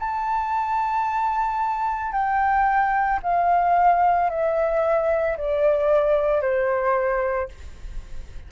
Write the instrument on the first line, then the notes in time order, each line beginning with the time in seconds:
flute
0.00 A5
2.13 G5
3.23 F5
4.30 E5
5.38 D5
6.42 C5